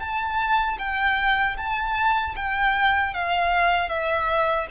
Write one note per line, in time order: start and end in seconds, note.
0.00 0.78 A5
0.79 1.57 G5
1.57 2.35 A5
2.36 3.14 G5
3.14 3.89 F5
3.89 4.67 E5